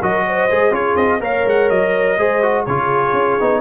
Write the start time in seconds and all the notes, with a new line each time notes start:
0.00 F#3 F#4 A#4 D#5
0.27 C5
0.51 G#3 G#4
0.70 C#4 F4 G#4 C#5
0.95 C4 D#5
1.19 A#3 A#4 C#5 F5
1.45 G#3 F#5
1.69 F#3 D#5
2.17 G#3 G#4 C5
2.42 F#4
2.65 C#3 F4 G#4 C#5
3.13 C#4
3.40 B3 D#4